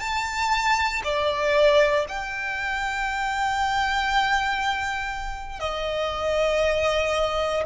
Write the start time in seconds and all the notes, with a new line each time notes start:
0.00 A5
1.04 D5
2.09 G5
5.60 D#5